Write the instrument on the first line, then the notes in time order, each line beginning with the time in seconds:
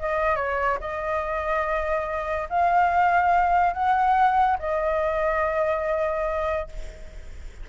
flute
0.00 D#5
0.36 C#5
0.81 D#5
2.50 F5
3.74 F#5
4.59 D#5